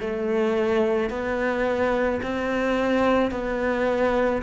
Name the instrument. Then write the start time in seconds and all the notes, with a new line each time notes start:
cello
0.00 A3
1.10 B3
2.23 C4
3.31 B3